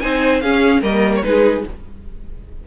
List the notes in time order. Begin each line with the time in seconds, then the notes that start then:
0.00 C4 D#4 C5 G#5
0.41 C#4 G#4 F5
0.81 G3 A#3 A#4 D#5
1.16 C#5
1.23 G#3 D#4 G#4 B4